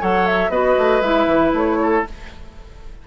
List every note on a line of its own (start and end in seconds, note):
0.00 0.50 F#3
0.00 0.51 A4
0.00 0.51 C#5
0.00 0.27 F#5
0.27 0.51 E5
0.50 0.75 B3
0.50 1.03 F#4
0.50 1.78 B4
0.50 1.01 D#5
0.78 1.01 A3
1.01 1.27 G#3
1.01 2.05 E4
1.01 1.52 E5
1.27 1.52 E3
1.53 2.04 A3
1.53 2.07 C#5
1.82 2.08 A4